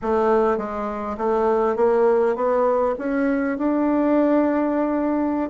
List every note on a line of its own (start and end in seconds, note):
0.01 0.57 A3
0.57 1.16 G#3
1.17 1.76 A3
1.76 2.35 A#3
2.35 2.95 B3
2.98 3.58 C#4
3.58 5.50 D4